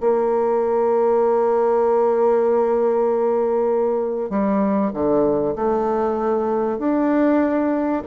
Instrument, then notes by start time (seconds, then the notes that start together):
bassoon
0.00 A#3
4.30 G3
4.93 D3
5.55 A3
6.79 D4